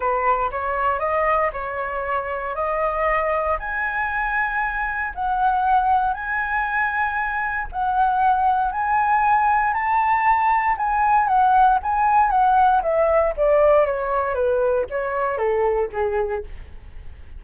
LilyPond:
\new Staff \with { instrumentName = "flute" } { \time 4/4 \tempo 4 = 117 b'4 cis''4 dis''4 cis''4~ | cis''4 dis''2 gis''4~ | gis''2 fis''2 | gis''2. fis''4~ |
fis''4 gis''2 a''4~ | a''4 gis''4 fis''4 gis''4 | fis''4 e''4 d''4 cis''4 | b'4 cis''4 a'4 gis'4 | }